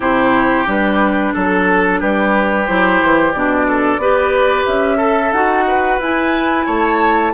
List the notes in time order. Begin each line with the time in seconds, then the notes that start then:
0.00 C3 E4 G4 C5
0.66 G3 D4 B4
1.33 F#3 A4
2.00 G3 G4 B4
2.66 F#3 E4 C5
3.02 E3
3.32 B2 D4 D5
3.67 A4
3.97 B3 G4 B4
4.65 C#4 E5
4.97 A4
5.32 D#4 F#4 F#5
5.67 B4
5.98 E4 G#5
6.65 A3 C#5 A5